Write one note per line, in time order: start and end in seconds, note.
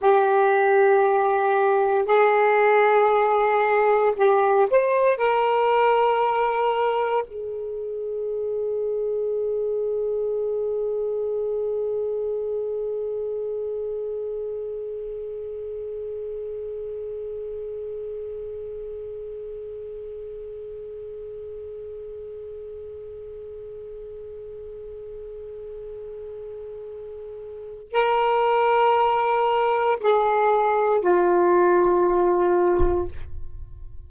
0.00 2.05 G4
2.05 4.12 G#4
4.16 4.68 G4
4.70 5.17 C5
5.17 7.24 A#4
7.26 27.92 G#4
27.92 29.99 A#4
29.99 31.01 G#4
31.01 33.08 F4